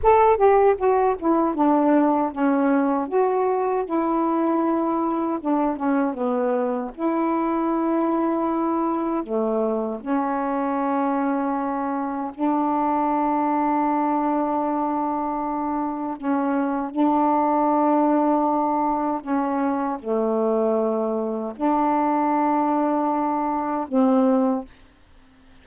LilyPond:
\new Staff \with { instrumentName = "saxophone" } { \time 4/4 \tempo 4 = 78 a'8 g'8 fis'8 e'8 d'4 cis'4 | fis'4 e'2 d'8 cis'8 | b4 e'2. | a4 cis'2. |
d'1~ | d'4 cis'4 d'2~ | d'4 cis'4 a2 | d'2. c'4 | }